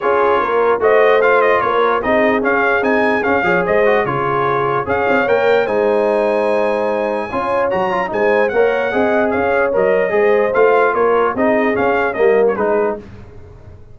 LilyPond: <<
  \new Staff \with { instrumentName = "trumpet" } { \time 4/4 \tempo 4 = 148 cis''2 dis''4 f''8 dis''8 | cis''4 dis''4 f''4 gis''4 | f''4 dis''4 cis''2 | f''4 g''4 gis''2~ |
gis''2. ais''4 | gis''4 fis''2 f''4 | dis''2 f''4 cis''4 | dis''4 f''4 dis''8. cis''16 b'4 | }
  \new Staff \with { instrumentName = "horn" } { \time 4/4 gis'4 ais'4 c''2 | ais'4 gis'2.~ | gis'8 cis''8 c''4 gis'2 | cis''2 c''2~ |
c''2 cis''2 | c''4 cis''4 dis''4 cis''4~ | cis''4 c''2 ais'4 | gis'2 ais'4 gis'4 | }
  \new Staff \with { instrumentName = "trombone" } { \time 4/4 f'2 fis'4 f'4~ | f'4 dis'4 cis'4 dis'4 | cis'8 gis'4 fis'8 f'2 | gis'4 ais'4 dis'2~ |
dis'2 f'4 fis'8 f'8 | dis'4 ais'4 gis'2 | ais'4 gis'4 f'2 | dis'4 cis'4 ais4 dis'4 | }
  \new Staff \with { instrumentName = "tuba" } { \time 4/4 cis'4 ais4 a2 | ais4 c'4 cis'4 c'4 | cis'8 f8 gis4 cis2 | cis'8 c'8 ais4 gis2~ |
gis2 cis'4 fis4 | gis4 ais4 c'4 cis'4 | fis4 gis4 a4 ais4 | c'4 cis'4 g4 gis4 | }
>>